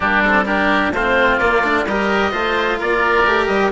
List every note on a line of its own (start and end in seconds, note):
0.00 0.90 G3
0.00 0.24 A#3
0.00 0.44 D4
0.00 0.22 G4
0.23 0.45 C4
0.23 0.45 A4
0.45 0.92 D4
0.45 0.92 G4
0.45 0.92 A#4
0.90 1.36 A3
0.90 1.87 F4
0.90 1.36 C5
0.96 1.41 C4
1.36 1.62 A#3
1.36 1.63 A#3
1.36 1.83 D5
1.62 1.85 A3
1.62 1.87 D4
1.85 2.31 G3
1.85 2.31 G4
1.85 2.31 A#4
1.85 2.80 D#5
2.31 2.79 A3
2.31 3.24 F4
2.31 2.78 C5
2.79 3.25 A#3
2.79 3.71 A#4
2.79 3.47 D5
3.25 3.48 A3
3.25 3.71 G4
3.47 3.71 G3
3.47 3.70 D#5